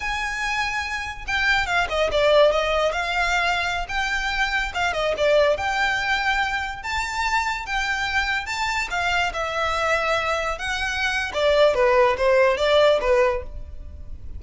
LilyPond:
\new Staff \with { instrumentName = "violin" } { \time 4/4 \tempo 4 = 143 gis''2. g''4 | f''8 dis''8 d''4 dis''4 f''4~ | f''4~ f''16 g''2 f''8 dis''16~ | dis''16 d''4 g''2~ g''8.~ |
g''16 a''2 g''4.~ g''16~ | g''16 a''4 f''4 e''4.~ e''16~ | e''4~ e''16 fis''4.~ fis''16 d''4 | b'4 c''4 d''4 b'4 | }